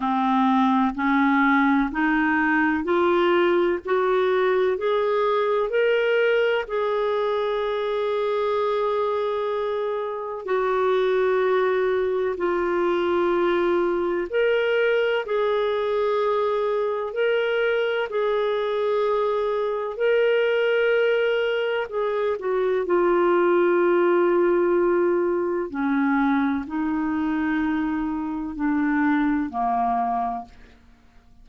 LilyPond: \new Staff \with { instrumentName = "clarinet" } { \time 4/4 \tempo 4 = 63 c'4 cis'4 dis'4 f'4 | fis'4 gis'4 ais'4 gis'4~ | gis'2. fis'4~ | fis'4 f'2 ais'4 |
gis'2 ais'4 gis'4~ | gis'4 ais'2 gis'8 fis'8 | f'2. cis'4 | dis'2 d'4 ais4 | }